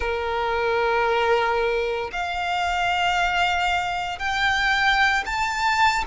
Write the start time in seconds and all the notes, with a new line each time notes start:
0.00 A#4
2.12 F5
4.18 G5
5.25 A5